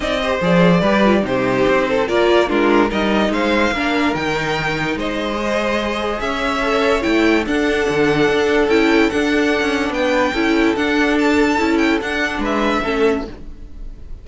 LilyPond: <<
  \new Staff \with { instrumentName = "violin" } { \time 4/4 \tempo 4 = 145 dis''4 d''2 c''4~ | c''4 d''4 ais'4 dis''4 | f''2 g''2 | dis''2. e''4~ |
e''4 g''4 fis''2~ | fis''4 g''4 fis''2 | g''2 fis''4 a''4~ | a''8 g''8 fis''4 e''2 | }
  \new Staff \with { instrumentName = "violin" } { \time 4/4 d''8 c''4. b'4 g'4~ | g'8 a'8 ais'4 f'4 ais'4 | c''4 ais'2. | c''2. cis''4~ |
cis''2 a'2~ | a'1 | b'4 a'2.~ | a'2 b'4 a'4 | }
  \new Staff \with { instrumentName = "viola" } { \time 4/4 dis'8 g'8 gis'4 g'8 f'8 dis'4~ | dis'4 f'4 d'4 dis'4~ | dis'4 d'4 dis'2~ | dis'4 gis'2. |
a'4 e'4 d'2~ | d'4 e'4 d'2~ | d'4 e'4 d'2 | e'4 d'2 cis'4 | }
  \new Staff \with { instrumentName = "cello" } { \time 4/4 c'4 f4 g4 c4 | c'4 ais4 gis4 g4 | gis4 ais4 dis2 | gis2. cis'4~ |
cis'4 a4 d'4 d4 | d'4 cis'4 d'4~ d'16 cis'8. | b4 cis'4 d'2 | cis'4 d'4 gis4 a4 | }
>>